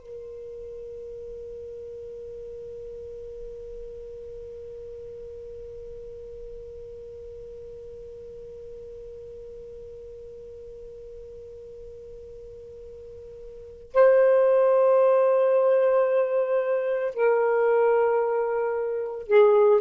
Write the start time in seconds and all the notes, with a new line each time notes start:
0.00 A#4
13.94 C5
17.15 A#4
19.28 G#4